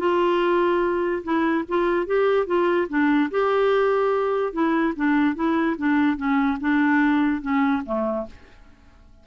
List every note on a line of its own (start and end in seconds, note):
0.00 1.23 F4
1.24 1.65 E4
1.69 2.07 F4
2.07 2.47 G4
2.47 2.88 F4
2.89 3.30 D4
3.31 4.53 G4
4.53 4.94 E4
4.97 5.36 D4
5.36 5.77 E4
5.78 6.17 D4
6.17 6.58 C#4
6.61 7.42 D4
7.42 7.83 C#4
7.86 8.27 A3